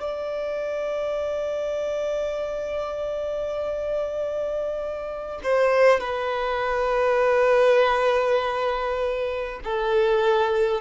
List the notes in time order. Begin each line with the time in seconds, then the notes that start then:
0.00 D5
5.44 C5
6.00 B4
9.64 A4